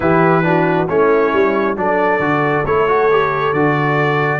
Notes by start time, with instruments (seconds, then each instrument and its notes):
0.00 tuba E3, trombone E4, horn G4, trumpet B4
0.43 trombone D4, horn F#4
0.88 tuba A3, trombone C#4, horn E4, trumpet C#5
1.33 tuba G3
1.76 tuba F#3, trombone D4, horn A4, trumpet D5
2.19 tuba D3, trombone F#4
2.64 tuba A3, trombone E4, trumpet C#5
2.87 trombone F#4
3.11 trombone G4
3.52 tuba D3, trombone F#4, trumpet D5